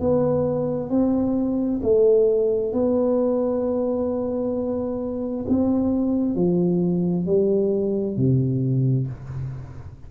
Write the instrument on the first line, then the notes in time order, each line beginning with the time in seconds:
tuba
0.00 B3
0.89 C4
1.82 A3
2.73 B3
5.48 C4
6.35 F3
7.26 G3
8.17 C3